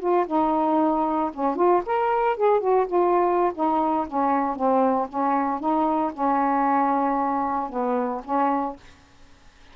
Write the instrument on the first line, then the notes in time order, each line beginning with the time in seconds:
saxophone
0.00 F4
0.27 D#4
1.34 C#4
1.56 F4
1.86 A#4
2.37 G#4
2.61 F#4
2.87 F4
3.55 D#4
4.07 C#4
4.56 C4
5.09 C#4
5.60 D#4
6.14 C#4
7.69 B3
8.24 C#4